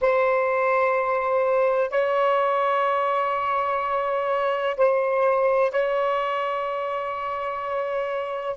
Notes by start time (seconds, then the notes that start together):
0.01 C5
1.90 C#5
4.76 C5
5.71 C#5